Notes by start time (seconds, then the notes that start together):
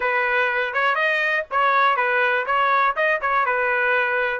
0.00 B4
0.73 C#5
0.95 D#5
1.50 C#5
1.96 B4
2.45 C#5
2.96 D#5
3.21 C#5
3.45 B4